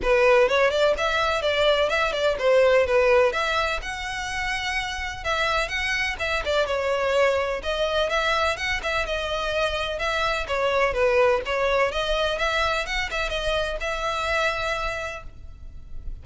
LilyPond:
\new Staff \with { instrumentName = "violin" } { \time 4/4 \tempo 4 = 126 b'4 cis''8 d''8 e''4 d''4 | e''8 d''8 c''4 b'4 e''4 | fis''2. e''4 | fis''4 e''8 d''8 cis''2 |
dis''4 e''4 fis''8 e''8 dis''4~ | dis''4 e''4 cis''4 b'4 | cis''4 dis''4 e''4 fis''8 e''8 | dis''4 e''2. | }